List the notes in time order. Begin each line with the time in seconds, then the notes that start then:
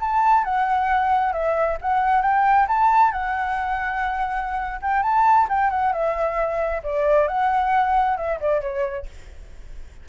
0.00 A5
0.44 F#5
1.33 E5
1.81 F#5
2.21 G5
2.68 A5
3.12 F#5
4.82 G5
5.03 A5
5.49 G5
5.70 F#5
5.92 E5
6.83 D5
7.28 F#5
8.17 E5
8.40 D5
8.61 C#5